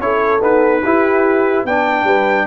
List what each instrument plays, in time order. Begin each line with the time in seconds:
0.00 tuba C#4, trombone E4, horn A4, trumpet C#5
0.40 trombone B3, tuba D#4, trumpet B4
0.84 tuba E4, trombone E4, horn G4
1.65 tuba B3, trombone D4, horn D5, trumpet G5
2.04 tuba G3, horn B4